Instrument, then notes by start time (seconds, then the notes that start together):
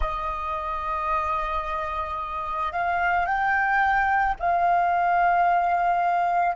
flute
0.00 D#5
2.72 F5
3.25 G5
4.39 F5